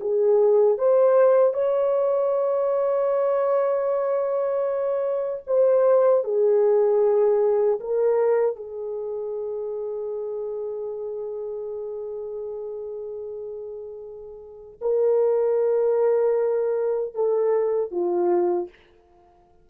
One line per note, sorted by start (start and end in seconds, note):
0.00 0.78 G#4
0.78 1.53 C5
1.53 5.43 C#5
5.47 6.24 C5
6.24 7.80 G#4
7.80 8.56 A#4
8.56 14.79 G#4
14.81 17.14 A#4
17.14 17.91 A4
17.91 18.69 F4